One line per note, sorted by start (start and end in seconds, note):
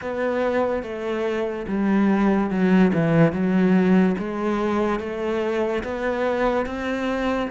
0.02 0.82 B3
0.82 1.66 A3
1.67 2.50 G3
2.50 2.92 F#3
2.93 3.32 E3
3.32 4.15 F#3
4.18 4.99 G#3
4.99 5.83 A3
5.83 6.66 B3
6.66 7.49 C4